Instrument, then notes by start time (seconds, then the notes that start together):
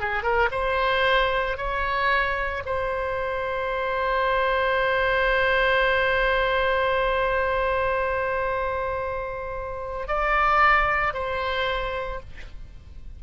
oboe
0.00 G#4
0.23 A#4
0.51 C5
1.57 C#5
2.65 C5
10.07 D5
11.14 C5